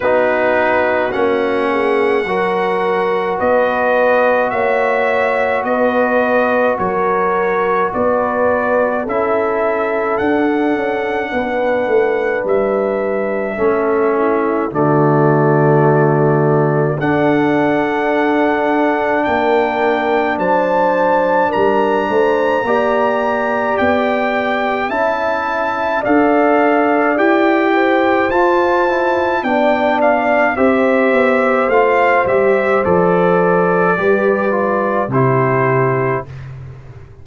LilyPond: <<
  \new Staff \with { instrumentName = "trumpet" } { \time 4/4 \tempo 4 = 53 b'4 fis''2 dis''4 | e''4 dis''4 cis''4 d''4 | e''4 fis''2 e''4~ | e''4 d''2 fis''4~ |
fis''4 g''4 a''4 ais''4~ | ais''4 g''4 a''4 f''4 | g''4 a''4 g''8 f''8 e''4 | f''8 e''8 d''2 c''4 | }
  \new Staff \with { instrumentName = "horn" } { \time 4/4 fis'4. gis'8 ais'4 b'4 | cis''4 b'4 ais'4 b'4 | a'2 b'2 | a'8 e'8 fis'2 a'4~ |
a'4 ais'4 c''4 ais'8 c''8 | d''2 e''4 d''4~ | d''8 c''4. d''4 c''4~ | c''2 b'4 g'4 | }
  \new Staff \with { instrumentName = "trombone" } { \time 4/4 dis'4 cis'4 fis'2~ | fis'1 | e'4 d'2. | cis'4 a2 d'4~ |
d'1 | g'2 e'4 a'4 | g'4 f'8 e'8 d'4 g'4 | f'8 g'8 a'4 g'8 f'8 e'4 | }
  \new Staff \with { instrumentName = "tuba" } { \time 4/4 b4 ais4 fis4 b4 | ais4 b4 fis4 b4 | cis'4 d'8 cis'8 b8 a8 g4 | a4 d2 d'4~ |
d'4 ais4 fis4 g8 a8 | ais4 b4 cis'4 d'4 | e'4 f'4 b4 c'8 b8 | a8 g8 f4 g4 c4 | }
>>